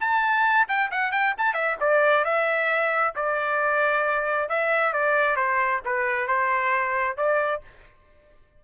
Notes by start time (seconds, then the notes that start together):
0.00 A5
0.68 G5
0.91 F#5
1.12 G5
1.37 A5
1.54 E5
1.80 D5
2.24 E5
3.15 D5
4.49 E5
4.93 D5
5.36 C5
5.85 B4
6.27 C5
7.17 D5